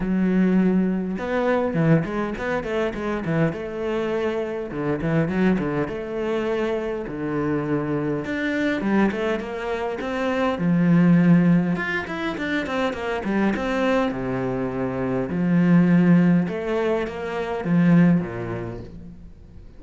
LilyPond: \new Staff \with { instrumentName = "cello" } { \time 4/4 \tempo 4 = 102 fis2 b4 e8 gis8 | b8 a8 gis8 e8 a2 | d8 e8 fis8 d8 a2 | d2 d'4 g8 a8 |
ais4 c'4 f2 | f'8 e'8 d'8 c'8 ais8 g8 c'4 | c2 f2 | a4 ais4 f4 ais,4 | }